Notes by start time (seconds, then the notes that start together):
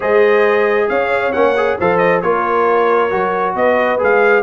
0.00 G#3 G#4 C5 D#5
0.88 C#4 C#5 F5
1.32 A#3 C#4 F#5
1.56 G#4
1.78 F3 A4 C5 F5
1.97 D#5
2.22 A#3 F4 A#4 C#5
3.09 F#3 F#4
3.55 B3 B4 D#5
3.98 G#3 G#4 F5